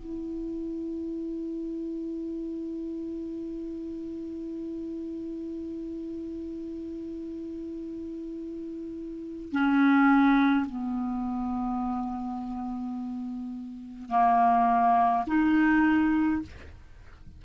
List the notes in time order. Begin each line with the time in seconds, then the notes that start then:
0.00 E4
9.52 C#4
10.66 B3
14.09 A#3
15.27 D#4